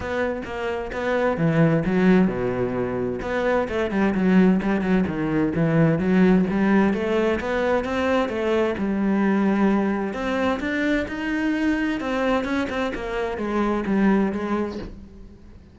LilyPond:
\new Staff \with { instrumentName = "cello" } { \time 4/4 \tempo 4 = 130 b4 ais4 b4 e4 | fis4 b,2 b4 | a8 g8 fis4 g8 fis8 dis4 | e4 fis4 g4 a4 |
b4 c'4 a4 g4~ | g2 c'4 d'4 | dis'2 c'4 cis'8 c'8 | ais4 gis4 g4 gis4 | }